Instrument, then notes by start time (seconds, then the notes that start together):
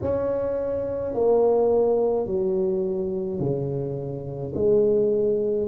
tuba
0.01 C#4
1.14 A#3
2.26 F#3
3.40 C#3
4.54 G#3